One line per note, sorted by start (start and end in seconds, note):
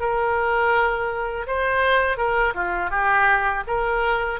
0.00 1.46 A#4
1.47 2.17 C5
2.17 2.53 A#4
2.54 2.90 F4
2.90 3.64 G4
3.67 4.40 A#4